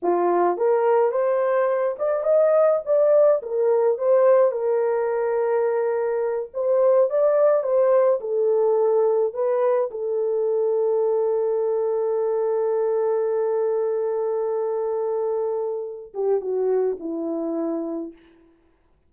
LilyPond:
\new Staff \with { instrumentName = "horn" } { \time 4/4 \tempo 4 = 106 f'4 ais'4 c''4. d''8 | dis''4 d''4 ais'4 c''4 | ais'2.~ ais'8 c''8~ | c''8 d''4 c''4 a'4.~ |
a'8 b'4 a'2~ a'8~ | a'1~ | a'1~ | a'8 g'8 fis'4 e'2 | }